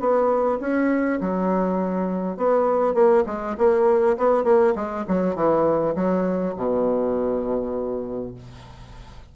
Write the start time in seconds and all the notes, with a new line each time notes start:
0.00 B3
0.60 C#4
1.21 F#3
2.37 B3
2.95 A#3
3.27 G#3
3.58 A#3
4.18 B3
4.44 A#3
4.76 G#3
5.08 F#3
5.36 E3
5.96 F#3
6.57 B2